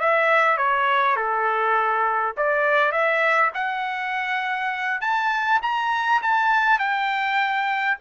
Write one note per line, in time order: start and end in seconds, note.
0.00 0.58 E5
0.58 1.16 C#5
1.16 2.35 A4
2.37 2.92 D5
2.92 3.51 E5
3.54 5.01 F#5
5.01 5.60 A5
5.62 6.22 A#5
6.22 6.79 A5
6.79 7.98 G5